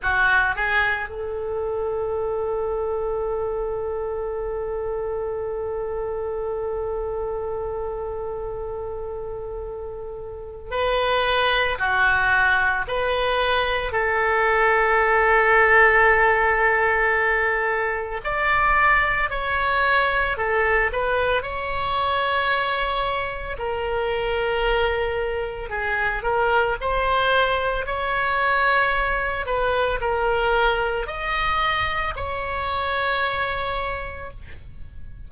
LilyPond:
\new Staff \with { instrumentName = "oboe" } { \time 4/4 \tempo 4 = 56 fis'8 gis'8 a'2.~ | a'1~ | a'2 b'4 fis'4 | b'4 a'2.~ |
a'4 d''4 cis''4 a'8 b'8 | cis''2 ais'2 | gis'8 ais'8 c''4 cis''4. b'8 | ais'4 dis''4 cis''2 | }